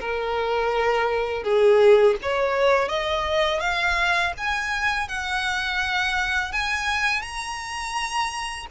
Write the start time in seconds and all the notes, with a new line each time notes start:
0.00 A#4
1.44 G#4
2.22 C#5
2.88 D#5
3.60 F5
4.37 G#5
5.08 F#5
6.52 G#5
7.22 A#5